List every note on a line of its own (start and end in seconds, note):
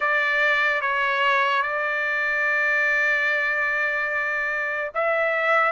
0.00 0.81 D5
0.81 1.62 C#5
1.62 4.91 D5
4.94 5.72 E5